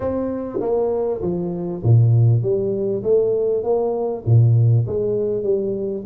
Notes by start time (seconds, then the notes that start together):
0.00 C4
0.60 A#3
1.21 F3
1.83 A#2
2.42 G3
3.03 A3
3.63 A#3
4.25 A#2
4.87 G#3
5.43 G3